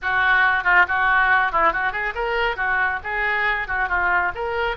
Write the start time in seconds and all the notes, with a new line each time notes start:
0.02 F#4
0.64 F4
0.88 F#4
1.52 E4
1.72 F#4
1.92 G#4
2.15 A#4
2.56 F#4
3.03 G#4
3.67 F#4
3.88 F4
4.34 A#4